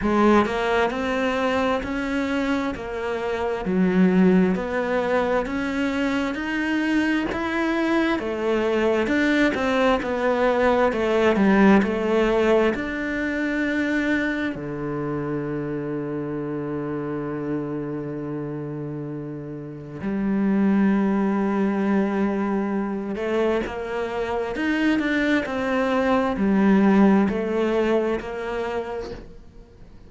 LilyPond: \new Staff \with { instrumentName = "cello" } { \time 4/4 \tempo 4 = 66 gis8 ais8 c'4 cis'4 ais4 | fis4 b4 cis'4 dis'4 | e'4 a4 d'8 c'8 b4 | a8 g8 a4 d'2 |
d1~ | d2 g2~ | g4. a8 ais4 dis'8 d'8 | c'4 g4 a4 ais4 | }